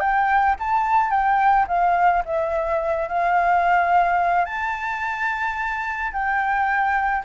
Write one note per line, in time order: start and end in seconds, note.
0.00 0.56 G5
0.59 1.11 A5
1.11 1.66 G5
1.68 2.23 F5
2.25 3.08 E5
3.08 4.45 F5
4.45 6.12 A5
6.12 7.23 G5